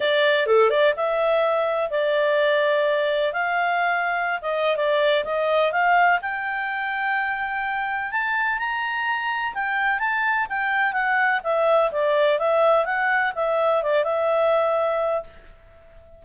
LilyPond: \new Staff \with { instrumentName = "clarinet" } { \time 4/4 \tempo 4 = 126 d''4 a'8 d''8 e''2 | d''2. f''4~ | f''4~ f''16 dis''8. d''4 dis''4 | f''4 g''2.~ |
g''4 a''4 ais''2 | g''4 a''4 g''4 fis''4 | e''4 d''4 e''4 fis''4 | e''4 d''8 e''2~ e''8 | }